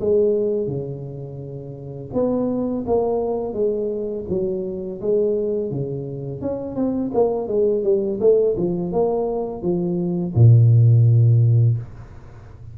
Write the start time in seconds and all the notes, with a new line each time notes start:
0.00 G#3
0.67 C#3
2.13 B3
2.87 A#3
3.53 G#3
4.29 F#3
5.01 G#3
5.70 C#3
6.41 C#4
6.75 C4
7.14 A#3
7.48 G#3
7.83 G3
8.20 A3
8.57 F3
8.92 A#3
9.62 F3
10.34 A#2